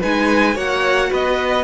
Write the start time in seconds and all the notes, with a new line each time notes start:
0.00 G#3 D#4 B4 G#5
0.54 A#3 F#4 C#5 F#5
1.10 B3 B4 D#5